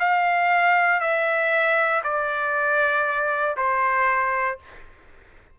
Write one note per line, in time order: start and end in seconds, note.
0.00 1.01 F5
1.01 2.02 E5
2.04 3.57 D5
3.57 4.59 C5